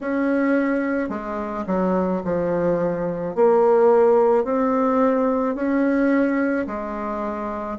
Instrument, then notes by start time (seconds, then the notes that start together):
bassoon
0.00 C#4
1.09 G#3
1.67 F#3
2.24 F3
3.35 A#3
4.44 C4
5.55 C#4
6.67 G#3